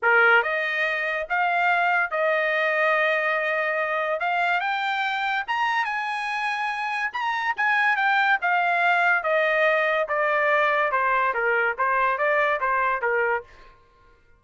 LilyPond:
\new Staff \with { instrumentName = "trumpet" } { \time 4/4 \tempo 4 = 143 ais'4 dis''2 f''4~ | f''4 dis''2.~ | dis''2 f''4 g''4~ | g''4 ais''4 gis''2~ |
gis''4 ais''4 gis''4 g''4 | f''2 dis''2 | d''2 c''4 ais'4 | c''4 d''4 c''4 ais'4 | }